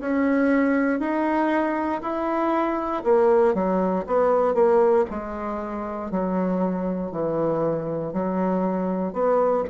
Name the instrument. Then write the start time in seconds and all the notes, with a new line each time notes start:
bassoon
0.00 C#4
1.00 D#4
2.02 E4
3.04 A#3
3.54 F#3
4.06 B3
4.54 A#3
5.10 G#3
6.11 F#3
7.11 E3
8.13 F#3
9.13 B3